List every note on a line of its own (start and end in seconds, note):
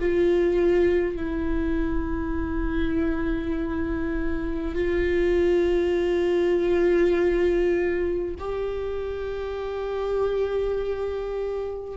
0.00 1.17 F4
1.17 4.76 E4
4.76 8.36 F4
8.39 11.98 G4